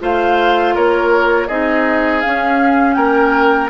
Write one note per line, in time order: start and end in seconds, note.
0.00 0.76 A3
0.00 1.48 F4
0.00 0.75 C5
0.00 0.76 F5
0.75 1.49 A#3
0.75 1.48 A#4
0.75 1.48 C#5
1.48 2.23 C4
1.48 2.23 D#4
1.48 2.96 G#4
1.48 2.21 D#5
2.21 3.70 C#4
2.21 2.96 C#4
2.21 2.94 F5
2.94 3.70 A#3
2.94 3.70 A#4
2.94 3.68 G5